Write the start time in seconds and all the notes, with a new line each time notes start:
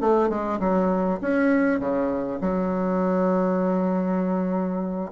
0.00 A3
0.29 G#3
0.59 F#3
1.21 C#4
1.79 C#3
2.40 F#3